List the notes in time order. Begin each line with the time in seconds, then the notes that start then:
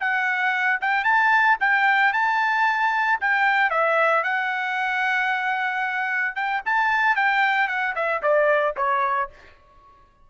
0.00 F#5
0.81 G5
1.04 A5
1.60 G5
2.13 A5
3.21 G5
3.70 E5
4.23 F#5
6.35 G5
6.65 A5
7.16 G5
7.68 F#5
7.95 E5
8.22 D5
8.77 C#5